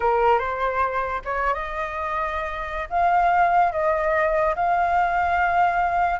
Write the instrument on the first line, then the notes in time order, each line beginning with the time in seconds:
flute
0.00 A#4
0.38 C5
1.24 C#5
1.54 D#5
2.89 F5
3.71 D#5
4.55 F5